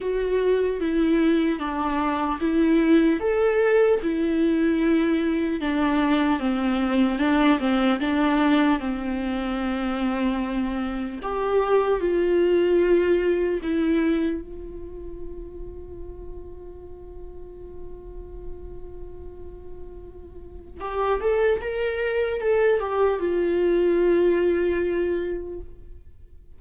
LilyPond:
\new Staff \with { instrumentName = "viola" } { \time 4/4 \tempo 4 = 75 fis'4 e'4 d'4 e'4 | a'4 e'2 d'4 | c'4 d'8 c'8 d'4 c'4~ | c'2 g'4 f'4~ |
f'4 e'4 f'2~ | f'1~ | f'2 g'8 a'8 ais'4 | a'8 g'8 f'2. | }